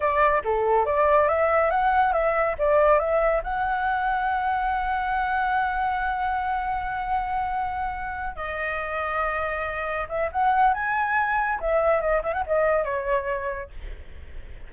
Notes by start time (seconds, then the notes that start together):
0.00 D5
0.44 A4
0.85 D5
1.28 E5
1.70 F#5
2.12 E5
2.58 D5
2.99 E5
3.43 F#5
8.36 D#5
10.08 E5
10.31 F#5
10.73 G#5
11.60 E5
12.00 D#5
12.23 E5
12.33 F#5
12.46 D#5
12.84 C#5